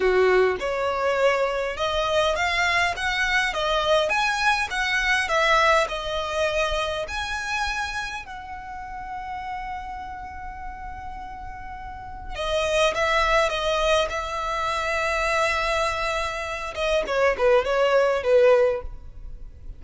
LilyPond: \new Staff \with { instrumentName = "violin" } { \time 4/4 \tempo 4 = 102 fis'4 cis''2 dis''4 | f''4 fis''4 dis''4 gis''4 | fis''4 e''4 dis''2 | gis''2 fis''2~ |
fis''1~ | fis''4 dis''4 e''4 dis''4 | e''1~ | e''8 dis''8 cis''8 b'8 cis''4 b'4 | }